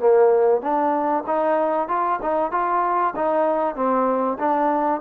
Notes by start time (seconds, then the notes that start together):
0.00 A#3
0.62 D4
1.27 D#4
1.88 F4
2.22 D#4
2.52 F4
3.16 D#4
3.76 C4
4.39 D4